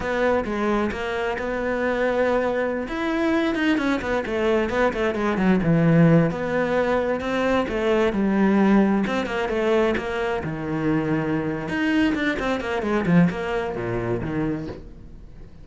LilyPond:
\new Staff \with { instrumentName = "cello" } { \time 4/4 \tempo 4 = 131 b4 gis4 ais4 b4~ | b2~ b16 e'4. dis'16~ | dis'16 cis'8 b8 a4 b8 a8 gis8 fis16~ | fis16 e4. b2 c'16~ |
c'8. a4 g2 c'16~ | c'16 ais8 a4 ais4 dis4~ dis16~ | dis4. dis'4 d'8 c'8 ais8 | gis8 f8 ais4 ais,4 dis4 | }